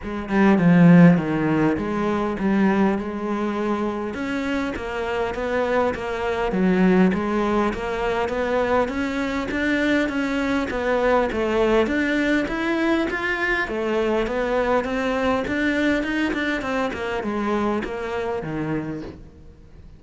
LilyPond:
\new Staff \with { instrumentName = "cello" } { \time 4/4 \tempo 4 = 101 gis8 g8 f4 dis4 gis4 | g4 gis2 cis'4 | ais4 b4 ais4 fis4 | gis4 ais4 b4 cis'4 |
d'4 cis'4 b4 a4 | d'4 e'4 f'4 a4 | b4 c'4 d'4 dis'8 d'8 | c'8 ais8 gis4 ais4 dis4 | }